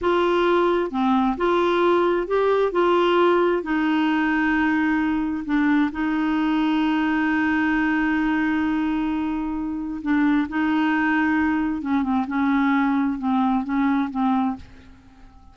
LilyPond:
\new Staff \with { instrumentName = "clarinet" } { \time 4/4 \tempo 4 = 132 f'2 c'4 f'4~ | f'4 g'4 f'2 | dis'1 | d'4 dis'2.~ |
dis'1~ | dis'2 d'4 dis'4~ | dis'2 cis'8 c'8 cis'4~ | cis'4 c'4 cis'4 c'4 | }